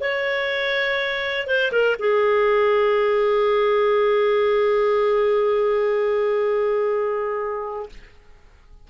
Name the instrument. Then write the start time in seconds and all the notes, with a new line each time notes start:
clarinet
0.00 C#5
1.47 C5
1.72 A#4
1.99 G#4